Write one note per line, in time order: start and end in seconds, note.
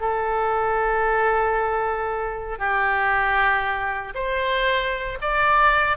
0.00 2.59 A4
2.59 4.14 G4
4.15 5.18 C5
5.21 5.97 D5